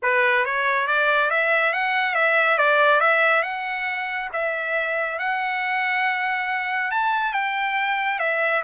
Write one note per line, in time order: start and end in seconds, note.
0.02 0.45 B4
0.45 0.87 C#5
0.87 1.30 D5
1.30 1.73 E5
1.73 2.15 F#5
2.15 2.58 E5
2.58 3.00 D5
3.00 3.42 E5
3.42 4.29 F#5
4.32 5.18 E5
5.18 6.91 F#5
6.91 7.33 A5
7.33 8.19 G5
8.19 8.62 E5